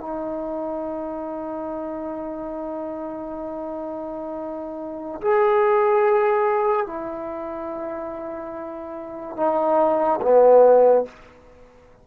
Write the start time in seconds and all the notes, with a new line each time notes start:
0.00 D#4
5.21 G#4
6.86 E4
9.37 D#4
10.22 B3